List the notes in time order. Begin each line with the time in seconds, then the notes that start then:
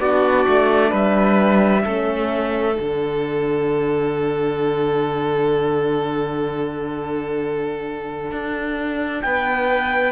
0.00 B3 D4 F#4 D5
0.48 A3
0.91 G3 B4 E5
1.84 A3 C#4 A4
2.74 D3 D4 F#5
8.32 D4
9.22 B3 B4 G5